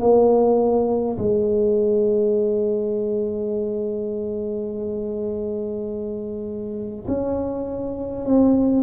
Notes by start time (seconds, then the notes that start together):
0.00 A#3
1.18 G#3
7.07 C#4
8.26 C4